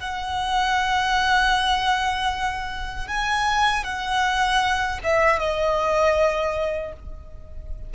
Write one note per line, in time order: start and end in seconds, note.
0.00 3.07 F#5
3.07 3.84 G#5
3.84 4.99 F#5
5.03 5.39 E5
5.39 6.93 D#5